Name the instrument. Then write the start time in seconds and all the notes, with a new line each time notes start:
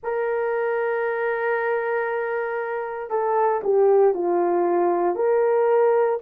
horn
0.03 A#4
3.09 A4
3.63 G4
4.14 F4
5.15 A#4